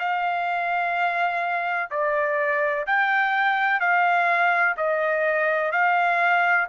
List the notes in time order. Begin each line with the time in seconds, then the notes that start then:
0.00 F5
1.91 D5
2.87 G5
3.81 F5
4.77 D#5
5.72 F5